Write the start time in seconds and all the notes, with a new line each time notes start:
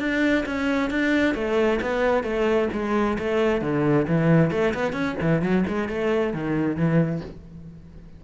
0.00 D4
0.46 C#4
0.90 D4
1.35 A3
1.82 B3
2.24 A3
2.73 G#3
3.19 A3
3.62 D3
4.08 E3
4.51 A3
4.75 B3
4.93 C#4
5.21 E3
5.42 F#3
5.68 G#3
5.89 A3
6.34 D#3
6.76 E3